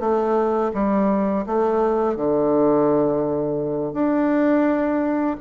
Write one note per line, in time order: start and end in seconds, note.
0.00 0.71 A3
0.74 1.45 G3
1.46 2.17 A3
2.17 3.94 D3
3.94 5.37 D4